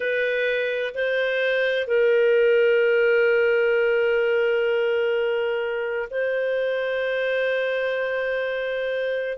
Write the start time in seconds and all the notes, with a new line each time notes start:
0.00 B4
0.94 C5
1.87 A#4
6.10 C5